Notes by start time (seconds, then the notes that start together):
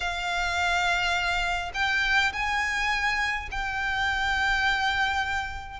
0.00 F5
1.74 G5
2.32 G#5
3.51 G5